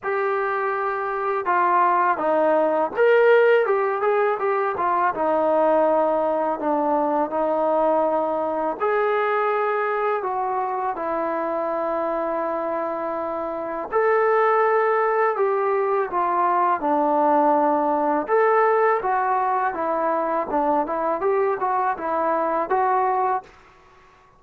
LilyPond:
\new Staff \with { instrumentName = "trombone" } { \time 4/4 \tempo 4 = 82 g'2 f'4 dis'4 | ais'4 g'8 gis'8 g'8 f'8 dis'4~ | dis'4 d'4 dis'2 | gis'2 fis'4 e'4~ |
e'2. a'4~ | a'4 g'4 f'4 d'4~ | d'4 a'4 fis'4 e'4 | d'8 e'8 g'8 fis'8 e'4 fis'4 | }